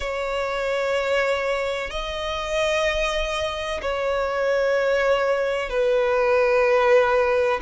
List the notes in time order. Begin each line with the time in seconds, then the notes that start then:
0.00 C#5
1.90 D#5
3.81 C#5
5.69 B4